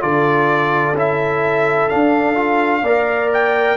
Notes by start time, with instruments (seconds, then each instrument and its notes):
0.00 tuba D3, trombone F4, horn A4, trumpet D5
0.92 tuba C#4, trombone E4
0.98 trumpet E5
1.88 trombone D4, tuba D4, trumpet F5
2.34 trombone F4
2.82 tuba A#3, trombone A#4, horn D5
3.33 trumpet G5